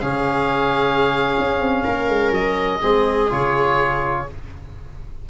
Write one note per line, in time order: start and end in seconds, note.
0.00 1.36 C#3
0.00 2.80 C#4
0.00 1.83 G#4
0.00 2.32 F5
1.39 1.59 C#4
1.59 1.84 C4
1.83 2.08 A#3
1.83 2.81 A#4
2.08 2.31 G#3
2.31 2.80 F#3
2.31 3.31 D#5
2.80 3.31 G#3
2.80 3.29 C4
2.80 4.27 G#4
3.29 4.29 C#3
3.29 4.27 F4
3.29 4.29 C#5